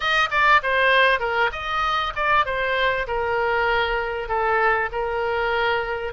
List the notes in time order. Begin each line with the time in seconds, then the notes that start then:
0.00 D#5
0.30 D5
0.62 C5
1.19 A#4
1.51 D#5
2.15 D5
2.45 C5
3.07 A#4
4.28 A4
4.91 A#4